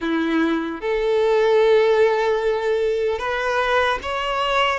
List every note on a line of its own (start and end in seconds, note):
0.00 0.80 E4
0.80 3.19 A4
3.19 3.99 B4
4.02 4.79 C#5